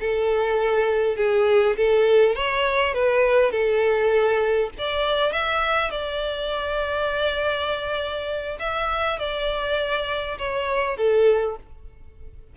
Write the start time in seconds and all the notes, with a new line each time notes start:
0.00 A4
1.17 G#4
1.77 A4
2.35 C#5
2.94 B4
3.51 A4
4.78 D5
5.32 E5
5.90 D5
8.59 E5
9.19 D5
10.38 C#5
10.97 A4